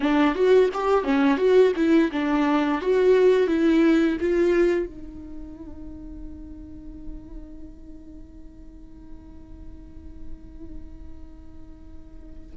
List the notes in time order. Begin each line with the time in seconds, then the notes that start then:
0.00 D4
0.35 F#4
0.73 G4
1.04 C#4
1.37 F#4
1.75 E4
2.12 D4
2.81 F#4
3.47 E4
4.20 F4
4.86 D#4